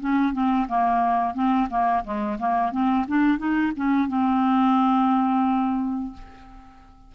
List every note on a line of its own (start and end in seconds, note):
0.00 0.33 C#4
0.33 0.67 C4
0.68 1.34 A#3
1.34 1.68 C4
1.70 2.04 A#3
2.04 2.38 G#3
2.39 2.72 A#3
2.72 3.06 C4
3.08 3.38 D4
3.38 3.72 D#4
3.76 4.08 C#4
4.08 6.13 C4